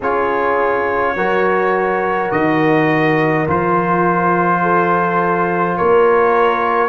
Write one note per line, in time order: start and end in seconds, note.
0.00 1.15 C#4
0.00 1.16 F4
0.00 1.14 G#4
0.00 2.31 C#5
1.15 2.30 F#3
1.15 3.47 F#4
1.15 4.62 A#4
2.31 3.46 D#3
2.31 3.46 D#5
3.47 5.78 F3
3.47 6.89 F4
3.47 5.77 C5
4.62 5.77 A4
5.77 6.89 A#3
5.77 6.89 A#4
5.77 6.89 C#5